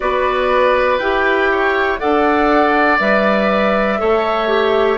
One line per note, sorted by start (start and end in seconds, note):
0.00 0.99 B3
0.00 0.99 F#4
0.00 1.51 B4
0.00 0.98 D5
0.98 1.99 E4
0.98 1.99 G4
0.98 1.98 G5
1.51 2.00 C#5
1.99 3.00 D4
1.99 2.99 A4
1.99 4.00 D5
1.99 2.99 F#5
2.99 4.00 G3
2.99 3.98 B4
2.99 4.97 E5
3.98 4.97 A3
3.98 4.47 A4
3.98 4.97 C#5
4.47 4.97 G4